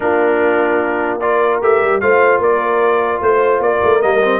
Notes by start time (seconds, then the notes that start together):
0.00 A#3 D4 F4 A#4
1.20 F4 A#4 D5
1.61 A3 G4 E5
1.81 G3
2.00 A3 F4 C5 F5
2.39 A#3 A#4 D5
3.21 A3 C5
3.59 A#3 A#4 D5
3.83 A3
4.01 G3 A#3 D#5
4.22 C4